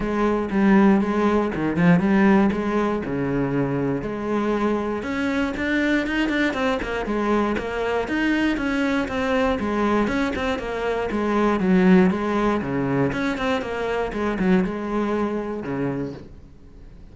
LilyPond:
\new Staff \with { instrumentName = "cello" } { \time 4/4 \tempo 4 = 119 gis4 g4 gis4 dis8 f8 | g4 gis4 cis2 | gis2 cis'4 d'4 | dis'8 d'8 c'8 ais8 gis4 ais4 |
dis'4 cis'4 c'4 gis4 | cis'8 c'8 ais4 gis4 fis4 | gis4 cis4 cis'8 c'8 ais4 | gis8 fis8 gis2 cis4 | }